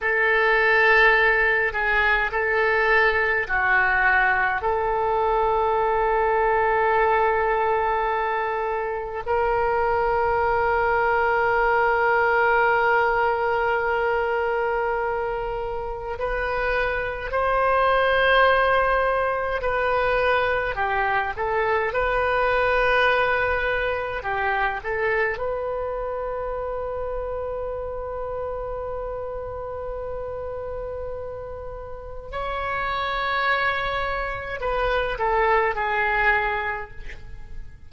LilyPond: \new Staff \with { instrumentName = "oboe" } { \time 4/4 \tempo 4 = 52 a'4. gis'8 a'4 fis'4 | a'1 | ais'1~ | ais'2 b'4 c''4~ |
c''4 b'4 g'8 a'8 b'4~ | b'4 g'8 a'8 b'2~ | b'1 | cis''2 b'8 a'8 gis'4 | }